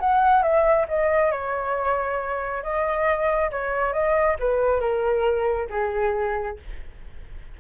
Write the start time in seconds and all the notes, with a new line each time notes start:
0.00 F#5
0.43 E5
0.89 D#5
1.32 C#5
2.63 D#5
3.51 C#5
3.93 D#5
4.40 B4
4.81 A#4
5.70 G#4